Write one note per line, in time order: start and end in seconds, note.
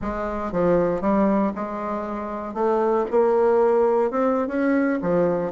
0.01 0.52 G#3
0.52 1.01 F3
1.01 1.52 G3
1.55 2.53 G#3
2.53 3.05 A3
3.10 4.10 A#3
4.10 4.47 C4
4.47 4.99 C#4
5.02 5.52 F3